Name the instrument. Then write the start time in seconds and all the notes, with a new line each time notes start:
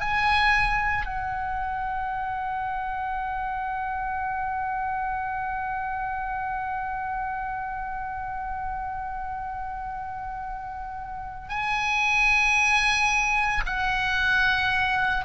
oboe
0.00 G#5
1.06 F#5
11.49 G#5
13.66 F#5